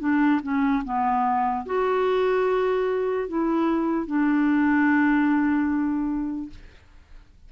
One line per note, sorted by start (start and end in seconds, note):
0.00 0.41 D4
0.42 0.83 C#4
0.84 1.65 B3
1.66 3.28 F#4
3.28 4.07 E4
4.07 6.50 D4